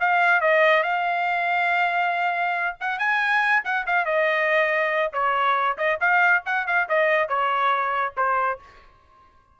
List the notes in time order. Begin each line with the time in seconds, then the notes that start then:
0.00 F5
0.41 D#5
0.83 F5
2.81 F#5
2.99 G#5
3.64 F#5
3.87 F5
4.05 D#5
5.13 C#5
5.78 D#5
6.00 F5
6.46 F#5
6.67 F5
6.89 D#5
7.29 C#5
8.17 C5